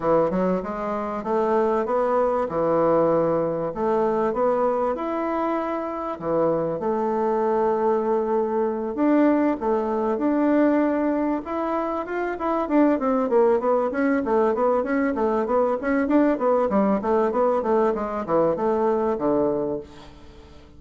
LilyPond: \new Staff \with { instrumentName = "bassoon" } { \time 4/4 \tempo 4 = 97 e8 fis8 gis4 a4 b4 | e2 a4 b4 | e'2 e4 a4~ | a2~ a8 d'4 a8~ |
a8 d'2 e'4 f'8 | e'8 d'8 c'8 ais8 b8 cis'8 a8 b8 | cis'8 a8 b8 cis'8 d'8 b8 g8 a8 | b8 a8 gis8 e8 a4 d4 | }